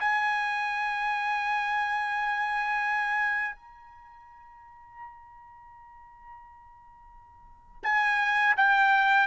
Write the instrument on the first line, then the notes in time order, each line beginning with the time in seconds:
trumpet
0.00 G#5
3.56 A#5
7.84 G#5
8.57 G5